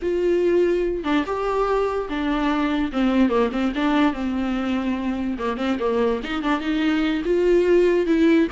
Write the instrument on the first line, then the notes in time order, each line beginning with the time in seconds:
viola
0.02 F4
1.04 D4
1.25 G4
2.09 D4
2.92 C4
3.29 A#3
3.52 C4
3.75 D4
4.13 C4
5.38 A#3
5.57 C4
5.79 A#3
6.23 D#4
6.42 D4
6.60 D#4
7.25 F4
8.06 E4